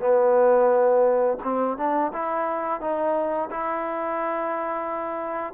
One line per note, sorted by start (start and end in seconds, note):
0.00 1.38 B3
1.44 1.77 C4
1.77 2.12 D4
2.13 2.81 E4
2.81 3.50 D#4
3.50 5.54 E4